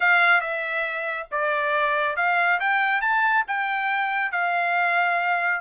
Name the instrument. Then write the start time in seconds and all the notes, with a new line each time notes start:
trumpet
0.00 F5
0.41 E5
1.31 D5
2.16 F5
2.59 G5
3.01 A5
3.47 G5
4.31 F5